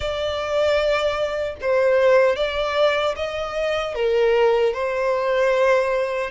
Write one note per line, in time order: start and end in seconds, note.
0.00 1.55 D5
1.61 2.36 C5
2.36 3.15 D5
3.16 3.94 D#5
3.94 4.73 A#4
4.73 6.30 C5